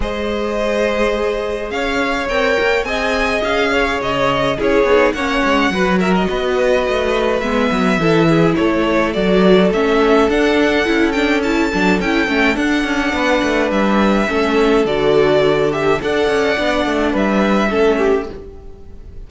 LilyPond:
<<
  \new Staff \with { instrumentName = "violin" } { \time 4/4 \tempo 4 = 105 dis''2. f''4 | g''4 gis''4 f''4 dis''4 | cis''4 fis''4. e''16 dis''4~ dis''16~ | dis''4 e''2 cis''4 |
d''4 e''4 fis''4. g''8 | a''4 g''4 fis''2 | e''2 d''4. e''8 | fis''2 e''2 | }
  \new Staff \with { instrumentName = "violin" } { \time 4/4 c''2. cis''4~ | cis''4 dis''4. cis''4. | gis'4 cis''4 b'8 ais'8 b'4~ | b'2 a'8 gis'8 a'4~ |
a'1~ | a'2. b'4~ | b'4 a'2. | d''2 b'4 a'8 g'8 | }
  \new Staff \with { instrumentName = "viola" } { \time 4/4 gis'1 | ais'4 gis'2. | e'8 dis'8 cis'4 fis'2~ | fis'4 b4 e'2 |
fis'4 cis'4 d'4 e'8 d'8 | e'8 d'8 e'8 cis'8 d'2~ | d'4 cis'4 fis'4. g'8 | a'4 d'2 cis'4 | }
  \new Staff \with { instrumentName = "cello" } { \time 4/4 gis2. cis'4 | c'8 ais8 c'4 cis'4 cis4 | cis'8 b8 ais8 gis8 fis4 b4 | a4 gis8 fis8 e4 a4 |
fis4 a4 d'4 cis'4~ | cis'8 fis8 cis'8 a8 d'8 cis'8 b8 a8 | g4 a4 d2 | d'8 cis'8 b8 a8 g4 a4 | }
>>